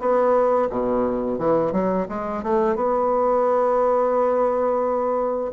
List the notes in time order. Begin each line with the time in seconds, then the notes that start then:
0.00 B3
0.70 B2
1.39 E3
1.73 F#3
2.09 G#3
2.43 A3
2.76 B3